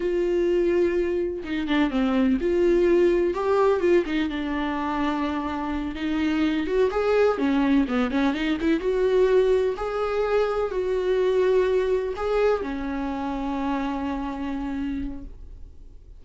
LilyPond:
\new Staff \with { instrumentName = "viola" } { \time 4/4 \tempo 4 = 126 f'2. dis'8 d'8 | c'4 f'2 g'4 | f'8 dis'8 d'2.~ | d'8 dis'4. fis'8 gis'4 cis'8~ |
cis'8 b8 cis'8 dis'8 e'8 fis'4.~ | fis'8 gis'2 fis'4.~ | fis'4. gis'4 cis'4.~ | cis'1 | }